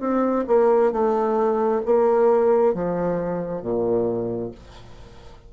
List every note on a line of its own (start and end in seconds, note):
0.00 0.45 C4
0.47 0.92 A#3
0.92 1.82 A3
1.86 2.74 A#3
2.74 3.62 F3
3.62 4.51 A#2